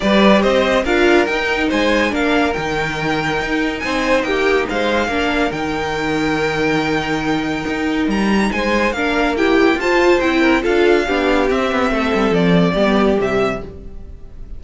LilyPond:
<<
  \new Staff \with { instrumentName = "violin" } { \time 4/4 \tempo 4 = 141 d''4 dis''4 f''4 g''4 | gis''4 f''4 g''2~ | g''4 gis''4 g''4 f''4~ | f''4 g''2.~ |
g''2. ais''4 | gis''4 f''4 g''4 a''4 | g''4 f''2 e''4~ | e''4 d''2 e''4 | }
  \new Staff \with { instrumentName = "violin" } { \time 4/4 b'4 c''4 ais'2 | c''4 ais'2.~ | ais'4 c''4 g'4 c''4 | ais'1~ |
ais'1 | c''4 ais'4 g'4 c''4~ | c''8 ais'8 a'4 g'2 | a'2 g'2 | }
  \new Staff \with { instrumentName = "viola" } { \time 4/4 g'2 f'4 dis'4~ | dis'4 d'4 dis'2~ | dis'1 | d'4 dis'2.~ |
dis'1~ | dis'4 d'4 e'4 f'4 | e'4 f'4 d'4 c'4~ | c'2 b4 g4 | }
  \new Staff \with { instrumentName = "cello" } { \time 4/4 g4 c'4 d'4 dis'4 | gis4 ais4 dis2 | dis'4 c'4 ais4 gis4 | ais4 dis2.~ |
dis2 dis'4 g4 | gis4 ais2 f'4 | c'4 d'4 b4 c'8 b8 | a8 g8 f4 g4 c4 | }
>>